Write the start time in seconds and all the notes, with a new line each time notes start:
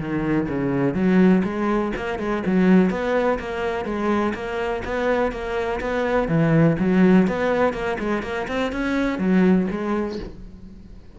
0.00 D#3
0.49 C#3
0.95 F#3
1.44 G#3
1.96 A#3
2.19 G#3
2.46 F#3
2.91 B3
3.39 A#3
3.85 G#3
4.34 A#3
4.85 B3
5.32 A#3
5.81 B3
6.28 E3
6.79 F#3
7.28 B3
7.74 A#3
8.00 G#3
8.23 A#3
8.48 C4
8.72 C#4
9.19 F#3
9.71 G#3